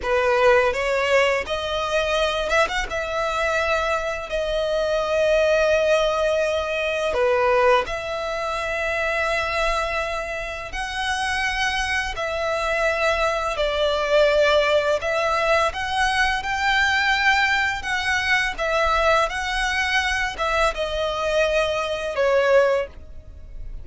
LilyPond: \new Staff \with { instrumentName = "violin" } { \time 4/4 \tempo 4 = 84 b'4 cis''4 dis''4. e''16 fis''16 | e''2 dis''2~ | dis''2 b'4 e''4~ | e''2. fis''4~ |
fis''4 e''2 d''4~ | d''4 e''4 fis''4 g''4~ | g''4 fis''4 e''4 fis''4~ | fis''8 e''8 dis''2 cis''4 | }